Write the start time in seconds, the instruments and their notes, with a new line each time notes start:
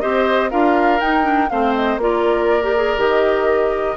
0.00 bassoon C4, clarinet G4, oboe C5, flute D#5
0.50 bassoon D4, clarinet F4, oboe A#4, flute F5
1.00 clarinet D#4, bassoon D#4, flute G5
1.22 clarinet D4
1.49 bassoon A3, clarinet C4, oboe C5, flute F5
1.74 flute D#5
1.97 bassoon A#3, clarinet F4, flute D5
2.03 oboe A#4
2.62 clarinet G4
2.76 clarinet G#4
2.97 bassoon D#3, clarinet G4, flute D#5